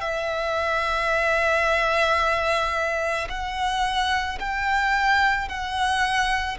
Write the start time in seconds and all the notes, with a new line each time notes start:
0.00 E5
3.29 F#5
4.39 G5
5.48 F#5